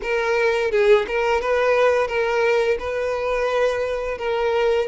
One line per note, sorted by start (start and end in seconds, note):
0.02 0.71 A#4
0.71 1.06 G#4
1.07 1.41 A#4
1.41 2.07 B4
2.07 2.77 A#4
2.79 4.18 B4
4.18 4.87 A#4